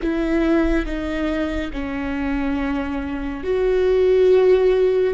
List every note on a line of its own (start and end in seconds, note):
0.02 0.85 E4
0.85 1.71 D#4
1.73 3.43 C#4
3.43 5.14 F#4